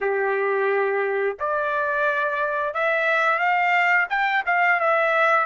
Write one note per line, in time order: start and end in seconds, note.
0.00 1.37 G4
1.39 2.73 D5
2.73 3.38 E5
3.38 4.07 F5
4.09 4.43 G5
4.46 4.79 F5
4.79 5.46 E5